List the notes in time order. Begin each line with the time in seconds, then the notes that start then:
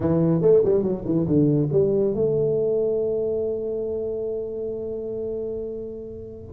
0.00 E3
0.41 A3
0.64 G3
0.83 F#3
1.05 E3
1.26 D3
1.72 G3
2.14 A3